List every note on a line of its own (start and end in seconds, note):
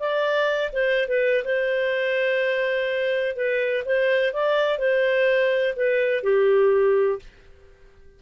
0.00 0.72 D5
0.73 1.09 C5
1.09 1.45 B4
1.45 3.37 C5
3.37 3.85 B4
3.86 4.34 C5
4.34 4.79 D5
4.79 5.75 C5
5.77 6.24 B4
6.24 7.20 G4